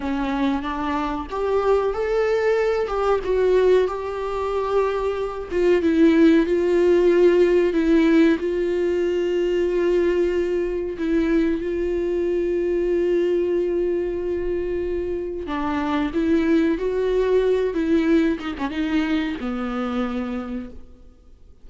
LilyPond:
\new Staff \with { instrumentName = "viola" } { \time 4/4 \tempo 4 = 93 cis'4 d'4 g'4 a'4~ | a'8 g'8 fis'4 g'2~ | g'8 f'8 e'4 f'2 | e'4 f'2.~ |
f'4 e'4 f'2~ | f'1 | d'4 e'4 fis'4. e'8~ | e'8 dis'16 cis'16 dis'4 b2 | }